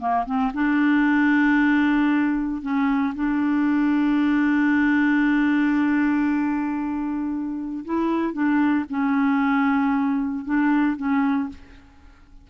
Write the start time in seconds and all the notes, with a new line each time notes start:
0.00 A#3
0.26 C4
0.54 D4
2.62 C#4
3.15 D4
7.85 E4
8.33 D4
8.90 C#4
10.45 D4
10.97 C#4